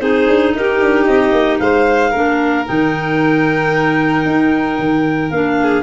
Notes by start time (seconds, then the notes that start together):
0.00 C4 D#4 G#4 C5
0.28 D4
0.55 D#4 G4 A#4
0.81 D4
1.05 C4 D#5
1.32 A#3
1.60 G#3 C5 F5
2.11 A#3 D4 A#4
2.66 D#3 D#4 G5
4.26 D#4
4.80 D#3
5.31 A#3 D4 F5
5.63 G#4